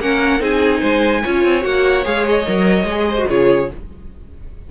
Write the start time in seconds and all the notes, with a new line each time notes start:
0.00 A#3 C#4 A#4 F#5
0.40 C4 D#4 G#4 G#5
0.80 G#3 C5
1.24 C#4 F4 C#5
1.44 C4
1.61 A#3 F#4 F#5
2.04 G#3 G#4 F5
2.28 D#5
2.46 F#3 A#4
2.84 G#3
2.90 G#4
3.09 C5
3.18 F#4
3.29 C#3 F4 G#4 C#5